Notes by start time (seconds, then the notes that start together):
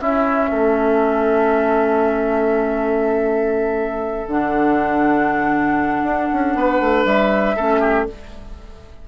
0.00 C#4 E4 E5
0.50 A3 A4
4.28 D3 D4 F#5
6.03 D4
6.33 C#4
6.55 B3 B4
6.80 A3
7.05 G3 E5
7.57 A3 C#4 A4
7.80 G4